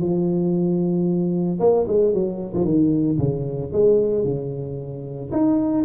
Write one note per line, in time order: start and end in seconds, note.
0.00 1.59 F3
1.59 1.86 A#3
1.87 2.13 G#3
2.13 2.53 F#3
2.54 2.64 F3
2.64 3.17 D#3
3.18 3.71 C#3
3.72 4.24 G#3
4.24 5.30 C#3
5.31 5.85 D#4